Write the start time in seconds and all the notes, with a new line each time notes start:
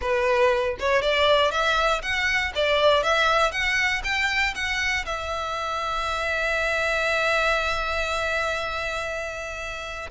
0.01 B4
0.79 C#5
1.02 D5
1.51 E5
2.01 F#5
2.55 D5
3.03 E5
3.51 F#5
4.03 G5
4.54 F#5
5.05 E5